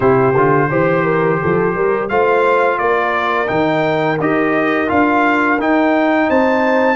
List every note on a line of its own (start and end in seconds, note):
0.00 0.34 C3
0.00 0.34 E4
0.00 0.68 G4
0.00 2.08 C5
0.36 0.70 D3
0.36 0.70 F4
0.69 1.40 E3
0.69 2.09 G4
0.69 1.04 C5
1.04 1.39 A#4
1.41 1.75 F3
1.41 1.75 A4
1.75 2.09 G3
1.75 2.10 A#4
2.08 2.78 A3
2.08 3.47 F4
2.08 2.79 C5
2.08 2.78 F5
2.78 3.48 A#3
2.78 6.27 A#4
2.78 3.48 D5
3.47 4.19 D#3
3.47 4.17 D#4
3.47 4.17 G5
4.19 4.89 D#4
4.19 4.87 G4
4.19 4.89 D#5
4.87 5.59 D4
4.87 5.57 F4
4.87 5.59 F5
5.59 6.28 D#4
5.59 6.96 D#4
5.59 6.30 G5
6.27 6.96 C4
6.27 6.96 C5
6.27 6.96 A5